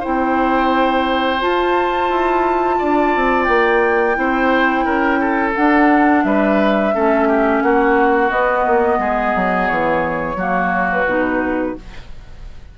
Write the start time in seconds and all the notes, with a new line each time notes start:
0.00 C4 E4 C5 G5
1.40 F4 A5
2.10 E4
2.79 D4 D5
3.16 C4
3.44 A#3 G5
4.15 C4 E4 C5
4.85 C#4 A#4
5.21 A4
5.55 D4 F#5
6.24 G3 B4 E5
6.94 A3 C#4 A4
7.29 G4
7.62 A#3 F#4 F#5
8.31 B3 D#5
8.67 A#3
8.99 G#3 G#4
9.36 F#3
9.68 E3 C#5
10.36 F#3 A#3 F#4
10.92 B4
11.06 B2 D#4